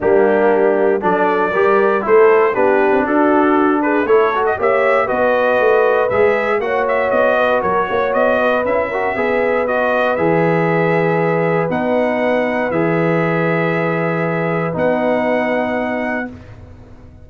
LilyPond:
<<
  \new Staff \with { instrumentName = "trumpet" } { \time 4/4 \tempo 4 = 118 g'2 d''2 | c''4 b'4 a'4. b'8 | cis''8. dis''16 e''4 dis''2 | e''4 fis''8 e''8 dis''4 cis''4 |
dis''4 e''2 dis''4 | e''2. fis''4~ | fis''4 e''2.~ | e''4 fis''2. | }
  \new Staff \with { instrumentName = "horn" } { \time 4/4 d'2 a'4 ais'4 | a'4 g'4 fis'4. gis'8 | a'4 cis''4 b'2~ | b'4 cis''4. b'8 ais'8 cis''8~ |
cis''8 b'4 ais'8 b'2~ | b'1~ | b'1~ | b'1 | }
  \new Staff \with { instrumentName = "trombone" } { \time 4/4 ais2 d'4 g'4 | e'4 d'2. | e'8 fis'8 g'4 fis'2 | gis'4 fis'2.~ |
fis'4 e'8 fis'8 gis'4 fis'4 | gis'2. dis'4~ | dis'4 gis'2.~ | gis'4 dis'2. | }
  \new Staff \with { instrumentName = "tuba" } { \time 4/4 g2 fis4 g4 | a4 b8. c'16 d'2 | a4 ais4 b4 a4 | gis4 ais4 b4 fis8 ais8 |
b4 cis'4 b2 | e2. b4~ | b4 e2.~ | e4 b2. | }
>>